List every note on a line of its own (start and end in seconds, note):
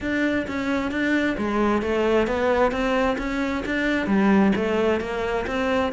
0.00 0.46 D4
0.47 0.91 C#4
0.91 1.36 D4
1.37 1.82 G#3
1.82 2.27 A3
2.27 2.71 B3
2.71 3.17 C4
3.18 3.63 C#4
3.65 4.07 D4
4.07 4.52 G3
4.55 5.00 A3
5.00 5.45 A#3
5.46 5.92 C4